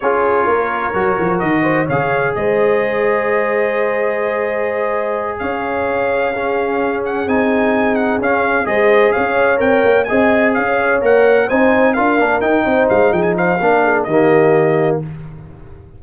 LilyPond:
<<
  \new Staff \with { instrumentName = "trumpet" } { \time 4/4 \tempo 4 = 128 cis''2. dis''4 | f''4 dis''2.~ | dis''2.~ dis''8 f''8~ | f''2. fis''8 gis''8~ |
gis''4 fis''8 f''4 dis''4 f''8~ | f''8 g''4 gis''4 f''4 fis''8~ | fis''8 gis''4 f''4 g''4 f''8 | g''16 gis''16 f''4. dis''2 | }
  \new Staff \with { instrumentName = "horn" } { \time 4/4 gis'4 ais'2~ ais'8 c''8 | cis''4 c''2.~ | c''2.~ c''8 cis''8~ | cis''4. gis'2~ gis'8~ |
gis'2~ gis'8 c''4 cis''8~ | cis''4. dis''4 cis''4.~ | cis''8 c''4 ais'4. c''4 | gis'8 c''8 ais'8 gis'8 g'2 | }
  \new Staff \with { instrumentName = "trombone" } { \time 4/4 f'2 fis'2 | gis'1~ | gis'1~ | gis'4. cis'2 dis'8~ |
dis'4. cis'4 gis'4.~ | gis'8 ais'4 gis'2 ais'8~ | ais'8 dis'4 f'8 d'8 dis'4.~ | dis'4 d'4 ais2 | }
  \new Staff \with { instrumentName = "tuba" } { \time 4/4 cis'4 ais4 fis8 f8 dis4 | cis4 gis2.~ | gis2.~ gis8 cis'8~ | cis'2.~ cis'8 c'8~ |
c'4. cis'4 gis4 cis'8~ | cis'8 c'8 ais8 c'4 cis'4 ais8~ | ais8 c'4 d'8 ais8 dis'8 c'8 gis8 | f4 ais4 dis2 | }
>>